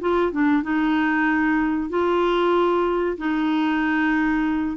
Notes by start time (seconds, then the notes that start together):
0.00 F4
0.31 D4
0.62 D#4
1.89 F4
3.17 D#4